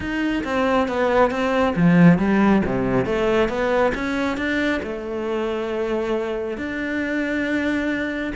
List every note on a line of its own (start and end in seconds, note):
0.00 0.43 D#4
0.44 0.87 C4
0.88 1.30 B3
1.30 1.74 C4
1.76 2.18 F3
2.18 2.62 G3
2.65 3.05 C3
3.05 3.48 A3
3.48 3.92 B3
3.94 4.37 C#4
4.37 4.81 D4
4.83 6.57 A3
6.57 8.33 D4